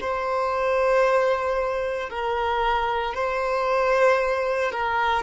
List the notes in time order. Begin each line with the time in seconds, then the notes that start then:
0.00 C5
2.09 A#4
3.14 C5
4.71 A#4